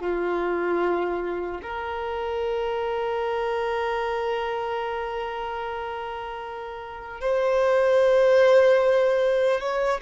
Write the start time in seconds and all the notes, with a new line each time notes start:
0.00 F4
1.62 A#4
7.20 C5
9.60 C#5